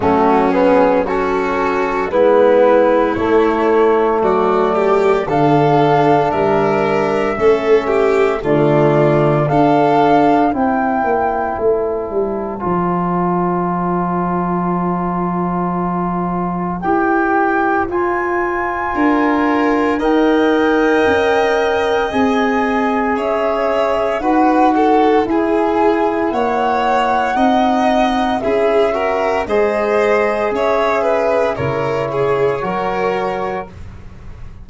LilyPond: <<
  \new Staff \with { instrumentName = "flute" } { \time 4/4 \tempo 4 = 57 fis'8 gis'8 a'4 b'4 cis''4 | d''4 f''4 e''2 | d''4 f''4 g''4 a''4~ | a''1 |
g''4 gis''2 g''4~ | g''4 gis''4 e''4 fis''4 | gis''4 fis''2 e''4 | dis''4 e''4 cis''2 | }
  \new Staff \with { instrumentName = "violin" } { \time 4/4 cis'4 fis'4 e'2 | fis'8 g'8 a'4 ais'4 a'8 g'8 | f'4 a'4 c''2~ | c''1~ |
c''2 ais'4 dis''4~ | dis''2 cis''4 b'8 a'8 | gis'4 cis''4 dis''4 gis'8 ais'8 | c''4 cis''8 b'8 ais'8 gis'8 ais'4 | }
  \new Staff \with { instrumentName = "trombone" } { \time 4/4 a8 b8 cis'4 b4 a4~ | a4 d'2 cis'4 | a4 d'4 e'2 | f'1 |
g'4 f'2 ais'4~ | ais'4 gis'2 fis'4 | e'2 dis'4 e'8 fis'8 | gis'2 e'4 fis'4 | }
  \new Staff \with { instrumentName = "tuba" } { \time 4/4 fis2 gis4 a4 | fis4 d4 g4 a4 | d4 d'4 c'8 ais8 a8 g8 | f1 |
e'4 f'4 d'4 dis'4 | cis'4 c'4 cis'4 dis'4 | e'4 ais4 c'4 cis'4 | gis4 cis'4 cis4 fis4 | }
>>